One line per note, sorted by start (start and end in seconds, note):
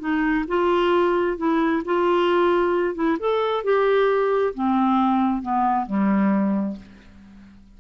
0.00 0.45 D#4
0.48 1.38 F4
1.38 1.83 E4
1.85 2.95 F4
2.95 3.18 E4
3.19 3.64 A4
3.64 4.54 G4
4.54 5.42 C4
5.42 5.86 B3
5.86 6.76 G3